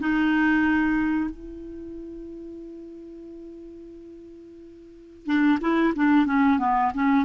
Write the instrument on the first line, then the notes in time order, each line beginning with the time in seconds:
clarinet
0.00 D#4
1.30 E4
5.26 D4
5.61 E4
5.96 D4
6.26 C#4
6.59 B3
6.94 C#4